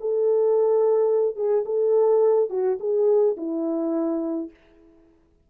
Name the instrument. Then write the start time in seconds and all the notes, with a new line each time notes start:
horn
0.00 A4
1.36 G#4
1.65 A4
2.50 F#4
2.80 G#4
3.37 E4